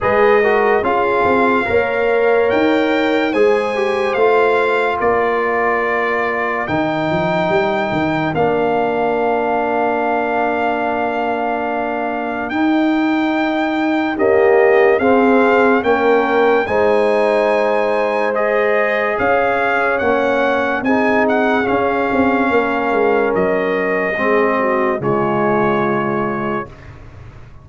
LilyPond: <<
  \new Staff \with { instrumentName = "trumpet" } { \time 4/4 \tempo 4 = 72 dis''4 f''2 g''4 | gis''4 f''4 d''2 | g''2 f''2~ | f''2. g''4~ |
g''4 dis''4 f''4 g''4 | gis''2 dis''4 f''4 | fis''4 gis''8 fis''8 f''2 | dis''2 cis''2 | }
  \new Staff \with { instrumentName = "horn" } { \time 4/4 b'8 ais'8 gis'4 cis''2 | c''2 ais'2~ | ais'1~ | ais'1~ |
ais'4 g'4 gis'4 ais'4 | c''2. cis''4~ | cis''4 gis'2 ais'4~ | ais'4 gis'8 fis'8 f'2 | }
  \new Staff \with { instrumentName = "trombone" } { \time 4/4 gis'8 fis'8 f'4 ais'2 | gis'8 g'8 f'2. | dis'2 d'2~ | d'2. dis'4~ |
dis'4 ais4 c'4 cis'4 | dis'2 gis'2 | cis'4 dis'4 cis'2~ | cis'4 c'4 gis2 | }
  \new Staff \with { instrumentName = "tuba" } { \time 4/4 gis4 cis'8 c'8 ais4 dis'4 | gis4 a4 ais2 | dis8 f8 g8 dis8 ais2~ | ais2. dis'4~ |
dis'4 cis'4 c'4 ais4 | gis2. cis'4 | ais4 c'4 cis'8 c'8 ais8 gis8 | fis4 gis4 cis2 | }
>>